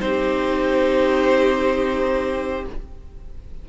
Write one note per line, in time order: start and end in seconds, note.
0.00 2.66 C4
0.00 2.65 D#4
0.00 2.70 G4
0.00 2.65 C5